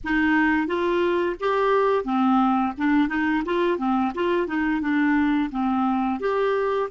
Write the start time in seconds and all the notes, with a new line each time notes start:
0.04 D#4
0.67 F4
1.39 G4
2.04 C4
2.77 D4
3.08 D#4
3.45 F4
3.77 C4
4.14 F4
4.47 D#4
4.81 D4
5.50 C4
6.20 G4